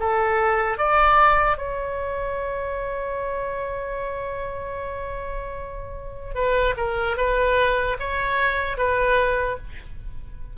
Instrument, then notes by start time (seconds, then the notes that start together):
oboe
0.00 A4
0.78 D5
1.58 C#5
6.35 B4
6.77 A#4
7.17 B4
8.00 C#5
8.78 B4